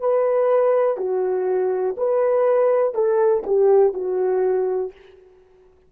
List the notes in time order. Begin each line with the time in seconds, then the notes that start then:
0.00 B4
0.97 F#4
1.97 B4
2.94 A4
3.46 G4
3.93 F#4